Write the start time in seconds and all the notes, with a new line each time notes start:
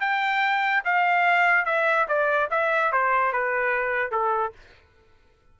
0.00 G5
0.84 F5
1.65 E5
2.08 D5
2.50 E5
2.92 C5
3.32 B4
4.11 A4